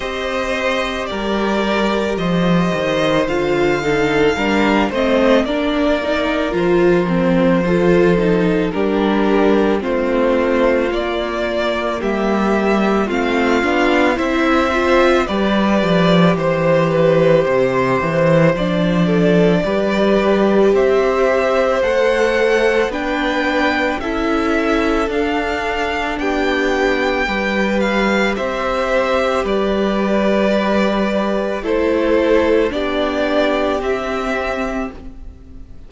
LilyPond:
<<
  \new Staff \with { instrumentName = "violin" } { \time 4/4 \tempo 4 = 55 dis''4 d''4 dis''4 f''4~ | f''8 dis''8 d''4 c''2 | ais'4 c''4 d''4 e''4 | f''4 e''4 d''4 c''4~ |
c''4 d''2 e''4 | fis''4 g''4 e''4 f''4 | g''4. f''8 e''4 d''4~ | d''4 c''4 d''4 e''4 | }
  \new Staff \with { instrumentName = "violin" } { \time 4/4 c''4 ais'4 c''4. a'8 | ais'8 c''8 ais'2 a'4 | g'4 f'2 g'4 | f'4 c''4 b'4 c''8 b'8 |
c''4. a'8 b'4 c''4~ | c''4 b'4 a'2 | g'4 b'4 c''4 b'4~ | b'4 a'4 g'2 | }
  \new Staff \with { instrumentName = "viola" } { \time 4/4 g'2. f'8 dis'8 | d'8 c'8 d'8 dis'8 f'8 c'8 f'8 dis'8 | d'4 c'4 ais2 | c'8 d'8 e'8 f'8 g'2~ |
g'4 d'4 g'2 | a'4 d'4 e'4 d'4~ | d'4 g'2.~ | g'4 e'4 d'4 c'4 | }
  \new Staff \with { instrumentName = "cello" } { \time 4/4 c'4 g4 f8 dis8 d4 | g8 a8 ais4 f2 | g4 a4 ais4 g4 | a8 b8 c'4 g8 f8 e4 |
c8 e8 f4 g4 c'4 | a4 b4 cis'4 d'4 | b4 g4 c'4 g4~ | g4 a4 b4 c'4 | }
>>